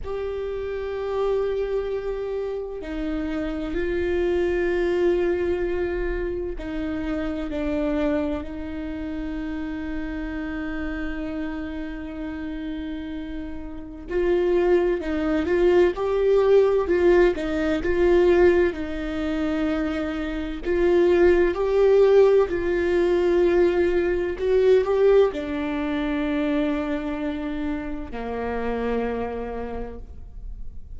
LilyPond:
\new Staff \with { instrumentName = "viola" } { \time 4/4 \tempo 4 = 64 g'2. dis'4 | f'2. dis'4 | d'4 dis'2.~ | dis'2. f'4 |
dis'8 f'8 g'4 f'8 dis'8 f'4 | dis'2 f'4 g'4 | f'2 fis'8 g'8 d'4~ | d'2 ais2 | }